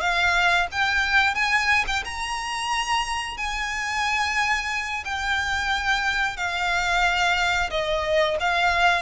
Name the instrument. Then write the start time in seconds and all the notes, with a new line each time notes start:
violin
0.00 F5
0.72 G5
1.35 G#5
1.87 G5
2.04 A#5
3.37 G#5
5.05 G5
6.36 F5
7.70 D#5
8.40 F5